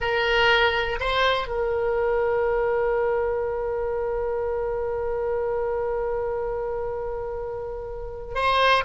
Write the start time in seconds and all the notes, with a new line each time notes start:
0.00 A#4
1.00 C5
1.47 A#4
8.35 C5